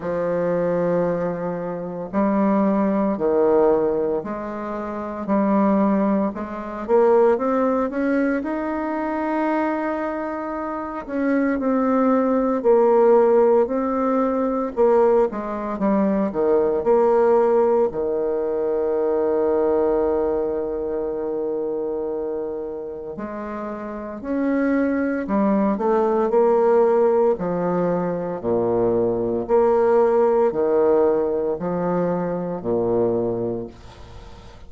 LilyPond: \new Staff \with { instrumentName = "bassoon" } { \time 4/4 \tempo 4 = 57 f2 g4 dis4 | gis4 g4 gis8 ais8 c'8 cis'8 | dis'2~ dis'8 cis'8 c'4 | ais4 c'4 ais8 gis8 g8 dis8 |
ais4 dis2.~ | dis2 gis4 cis'4 | g8 a8 ais4 f4 ais,4 | ais4 dis4 f4 ais,4 | }